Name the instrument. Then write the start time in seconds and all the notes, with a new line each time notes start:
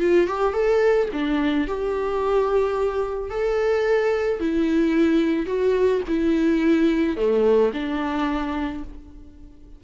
viola
0.00 F4
0.27 G4
0.54 A4
1.13 D4
1.67 G4
3.30 A4
4.40 E4
5.46 F#4
6.08 E4
7.17 A3
7.74 D4